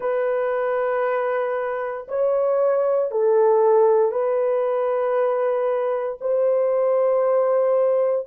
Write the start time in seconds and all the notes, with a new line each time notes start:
0.00 B4
2.08 C#5
3.11 A4
4.11 B4
6.21 C5